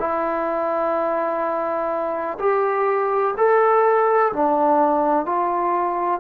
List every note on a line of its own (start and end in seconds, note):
0.00 2.38 E4
2.39 3.35 G4
3.37 4.32 A4
4.33 5.26 D4
5.26 6.20 F4